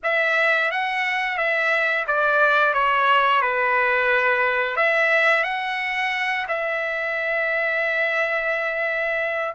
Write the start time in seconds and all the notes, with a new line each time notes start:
0.03 E5
0.71 F#5
1.37 E5
2.07 D5
2.73 C#5
3.41 B4
4.76 E5
5.43 F#5
6.48 E5